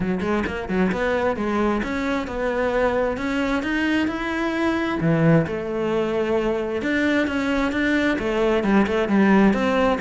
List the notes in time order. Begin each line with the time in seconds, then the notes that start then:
0.00 F#3
0.20 G#3
0.46 A#3
0.68 F#3
0.92 B3
1.36 G#3
1.83 C#4
2.27 B3
3.17 C#4
3.63 D#4
4.07 E4
5.00 E3
5.46 A3
6.82 D4
7.27 C#4
7.72 D4
8.19 A3
8.63 G3
8.86 A3
9.08 G3
9.53 C4